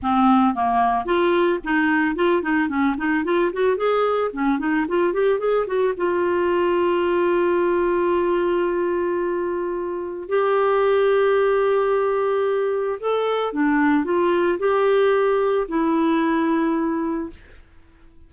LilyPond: \new Staff \with { instrumentName = "clarinet" } { \time 4/4 \tempo 4 = 111 c'4 ais4 f'4 dis'4 | f'8 dis'8 cis'8 dis'8 f'8 fis'8 gis'4 | cis'8 dis'8 f'8 g'8 gis'8 fis'8 f'4~ | f'1~ |
f'2. g'4~ | g'1 | a'4 d'4 f'4 g'4~ | g'4 e'2. | }